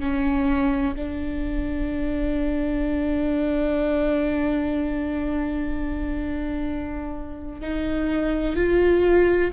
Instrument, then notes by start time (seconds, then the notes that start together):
viola
0.00 C#4
0.96 D4
7.61 D#4
8.56 F4